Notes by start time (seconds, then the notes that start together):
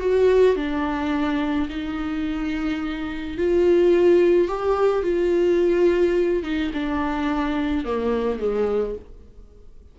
0.00 F#4
0.56 D4
1.69 D#4
3.38 F4
4.48 G4
5.03 F4
6.43 D#4
6.74 D4
7.85 A#3
8.39 G#3